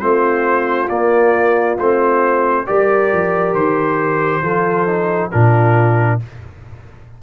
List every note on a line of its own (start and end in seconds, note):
0.00 0.89 A3
0.00 0.88 C4
0.00 2.65 F4
0.00 0.88 C5
0.89 1.77 A#3
0.89 1.78 A#3
0.89 1.77 D5
1.78 2.66 A3
1.78 2.66 C4
1.78 2.67 C5
2.66 3.12 G3
2.66 4.43 G4
2.66 4.42 A#4
2.66 3.54 D5
3.12 3.53 F3
3.53 4.41 D#3
3.53 5.31 C5
4.42 5.31 F3
4.42 4.87 F4
4.42 5.31 A4
4.87 5.31 D#4
5.31 6.22 A#2
5.31 6.20 D4
5.31 6.21 F4
5.31 6.19 A#4